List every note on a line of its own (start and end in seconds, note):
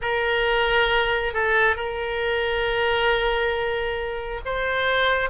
0.01 1.33 A#4
1.33 1.76 A4
1.76 4.40 A#4
4.45 5.29 C5